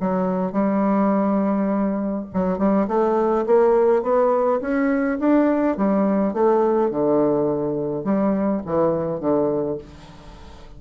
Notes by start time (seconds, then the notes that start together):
0.00 F#3
0.52 G3
2.33 F#3
2.58 G3
2.87 A3
3.46 A#3
4.02 B3
4.60 C#4
5.19 D4
5.77 G3
6.33 A3
6.90 D3
8.04 G3
8.66 E3
9.20 D3